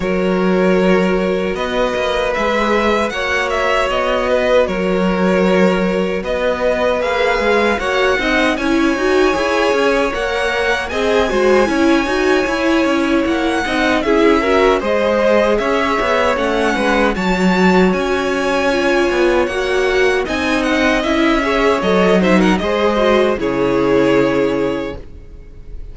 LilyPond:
<<
  \new Staff \with { instrumentName = "violin" } { \time 4/4 \tempo 4 = 77 cis''2 dis''4 e''4 | fis''8 e''8 dis''4 cis''2 | dis''4 f''4 fis''4 gis''4~ | gis''4 fis''4 gis''2~ |
gis''4 fis''4 e''4 dis''4 | e''4 fis''4 a''4 gis''4~ | gis''4 fis''4 gis''8 fis''8 e''4 | dis''8 e''16 fis''16 dis''4 cis''2 | }
  \new Staff \with { instrumentName = "violin" } { \time 4/4 ais'2 b'2 | cis''4. b'8 ais'2 | b'2 cis''8 dis''8 cis''4~ | cis''2 dis''8 c''8 cis''4~ |
cis''4. dis''8 gis'8 ais'8 c''4 | cis''4. b'8 cis''2~ | cis''2 dis''4. cis''8~ | cis''8 c''16 ais'16 c''4 gis'2 | }
  \new Staff \with { instrumentName = "viola" } { \time 4/4 fis'2. gis'4 | fis'1~ | fis'4 gis'4 fis'8 dis'8 e'8 fis'8 | gis'4 ais'4 gis'8 fis'8 e'8 fis'8 |
e'4. dis'8 e'8 fis'8 gis'4~ | gis'4 cis'4 fis'2 | f'4 fis'4 dis'4 e'8 gis'8 | a'8 dis'8 gis'8 fis'8 e'2 | }
  \new Staff \with { instrumentName = "cello" } { \time 4/4 fis2 b8 ais8 gis4 | ais4 b4 fis2 | b4 ais8 gis8 ais8 c'8 cis'8 dis'8 | e'8 cis'8 ais4 c'8 gis8 cis'8 dis'8 |
e'8 cis'8 ais8 c'8 cis'4 gis4 | cis'8 b8 a8 gis8 fis4 cis'4~ | cis'8 b8 ais4 c'4 cis'4 | fis4 gis4 cis2 | }
>>